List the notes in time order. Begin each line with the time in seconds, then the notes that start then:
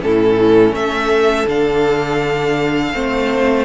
0.00 A2 C#4 A4
0.07 E4
0.73 A3 A4 E5
1.47 D3 D4 F5
2.94 A3 C4 C5